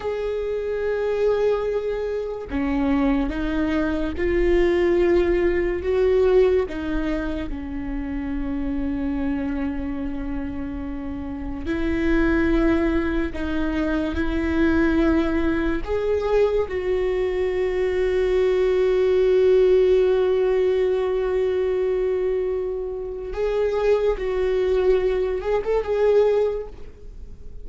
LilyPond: \new Staff \with { instrumentName = "viola" } { \time 4/4 \tempo 4 = 72 gis'2. cis'4 | dis'4 f'2 fis'4 | dis'4 cis'2.~ | cis'2 e'2 |
dis'4 e'2 gis'4 | fis'1~ | fis'1 | gis'4 fis'4. gis'16 a'16 gis'4 | }